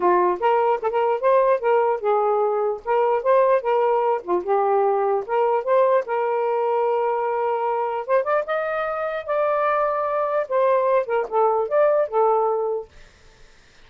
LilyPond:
\new Staff \with { instrumentName = "saxophone" } { \time 4/4 \tempo 4 = 149 f'4 ais'4 a'16 ais'8. c''4 | ais'4 gis'2 ais'4 | c''4 ais'4. f'8 g'4~ | g'4 ais'4 c''4 ais'4~ |
ais'1 | c''8 d''8 dis''2 d''4~ | d''2 c''4. ais'8 | a'4 d''4 a'2 | }